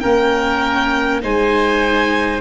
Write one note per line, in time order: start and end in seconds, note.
0.00 1.23 A#3
0.00 1.21 C#4
0.00 1.21 A#4
0.00 1.20 G5
1.21 2.41 G#3
1.21 2.41 D#4
1.21 2.41 C5
1.21 2.41 G#5